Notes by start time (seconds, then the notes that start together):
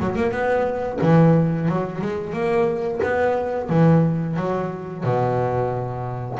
0.00 F#3
0.16 A#3
0.32 B3
1.01 E3
1.68 F#3
2.01 G#3
2.33 A#3
3.03 B3
3.69 E3
4.36 F#3
5.03 B2